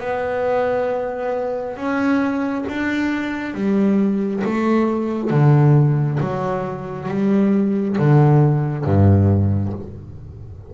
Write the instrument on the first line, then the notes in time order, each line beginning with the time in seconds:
double bass
0.00 B3
1.77 C#4
2.69 D4
3.54 G3
4.44 A3
5.30 D3
6.20 F#3
7.08 G3
7.98 D3
8.85 G2